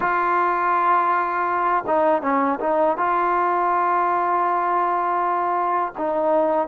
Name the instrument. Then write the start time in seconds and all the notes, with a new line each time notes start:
trombone
0.00 F4
1.86 D#4
2.22 C#4
2.60 D#4
2.97 F4
5.97 D#4